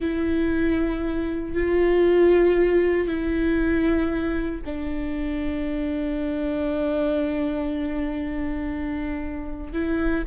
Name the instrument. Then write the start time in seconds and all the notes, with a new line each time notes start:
viola
0.00 E4
1.54 F4
3.07 E4
4.65 D4
9.72 E4